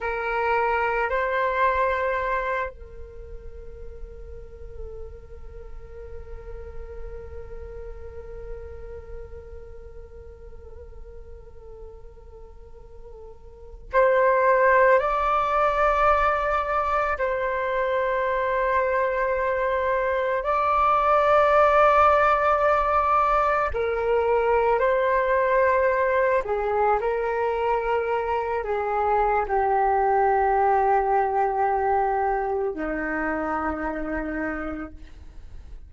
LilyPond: \new Staff \with { instrumentName = "flute" } { \time 4/4 \tempo 4 = 55 ais'4 c''4. ais'4.~ | ais'1~ | ais'1~ | ais'8. c''4 d''2 c''16~ |
c''2~ c''8. d''4~ d''16~ | d''4.~ d''16 ais'4 c''4~ c''16~ | c''16 gis'8 ais'4. gis'8. g'4~ | g'2 dis'2 | }